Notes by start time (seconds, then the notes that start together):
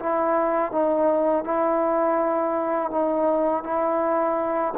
0.00 E4
0.72 D#4
1.45 E4
2.91 D#4
3.64 E4